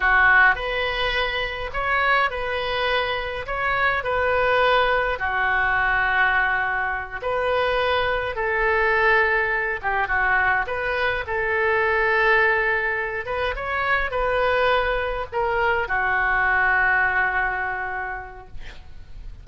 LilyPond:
\new Staff \with { instrumentName = "oboe" } { \time 4/4 \tempo 4 = 104 fis'4 b'2 cis''4 | b'2 cis''4 b'4~ | b'4 fis'2.~ | fis'8 b'2 a'4.~ |
a'4 g'8 fis'4 b'4 a'8~ | a'2. b'8 cis''8~ | cis''8 b'2 ais'4 fis'8~ | fis'1 | }